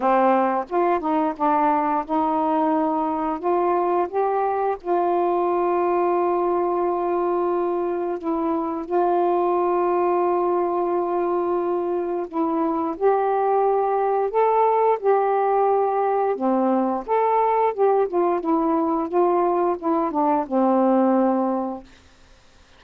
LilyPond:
\new Staff \with { instrumentName = "saxophone" } { \time 4/4 \tempo 4 = 88 c'4 f'8 dis'8 d'4 dis'4~ | dis'4 f'4 g'4 f'4~ | f'1 | e'4 f'2.~ |
f'2 e'4 g'4~ | g'4 a'4 g'2 | c'4 a'4 g'8 f'8 e'4 | f'4 e'8 d'8 c'2 | }